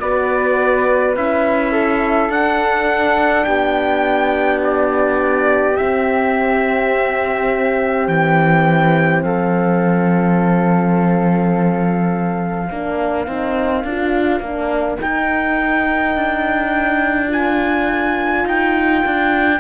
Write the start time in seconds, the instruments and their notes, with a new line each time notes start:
0.00 cello B3, horn F#4, flute B4, trumpet D5
1.15 cello C#4, horn E4, trumpet E5
1.72 flute A4
2.30 cello D4, horn D4, trumpet F#5
3.44 cello B3, flute G4, trumpet G5
4.64 trumpet D5
5.77 horn C4, cello C4, trumpet E5
8.08 cello E3, trumpet G5
9.23 cello F3, flute A4, trumpet F5
12.68 cello A#3, horn D4, flute A#4
13.27 cello C4, horn D#4
13.84 cello D4, horn F4
14.40 cello A#3, horn D4
15.00 horn D#4, cello D#4, trumpet G5
16.15 cello D4
17.27 horn F4, trumpet G#5
18.44 cello D#4, trumpet G5
19.06 cello D4